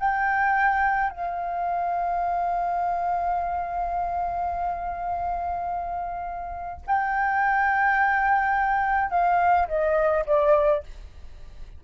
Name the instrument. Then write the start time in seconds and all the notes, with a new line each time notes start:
flute
0.00 G5
1.10 F5
6.87 G5
9.11 F5
9.68 D#5
10.26 D5